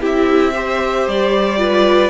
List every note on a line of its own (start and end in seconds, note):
0.00 1.07 C4
0.00 0.53 E4
0.00 0.53 G4
0.00 1.08 E5
0.54 1.57 G4
0.54 1.59 C5
1.07 2.10 G3
1.07 2.10 D5
1.57 2.10 F4
1.57 2.10 B4